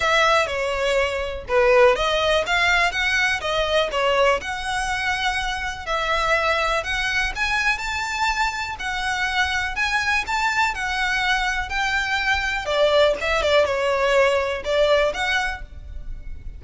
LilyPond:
\new Staff \with { instrumentName = "violin" } { \time 4/4 \tempo 4 = 123 e''4 cis''2 b'4 | dis''4 f''4 fis''4 dis''4 | cis''4 fis''2. | e''2 fis''4 gis''4 |
a''2 fis''2 | gis''4 a''4 fis''2 | g''2 d''4 e''8 d''8 | cis''2 d''4 fis''4 | }